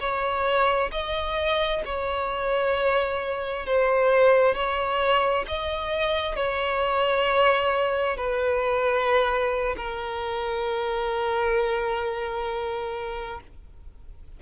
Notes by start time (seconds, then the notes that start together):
0.00 C#5
0.91 D#5
1.85 C#5
3.66 C5
4.55 C#5
5.48 D#5
6.36 C#5
8.17 B4
9.77 A#4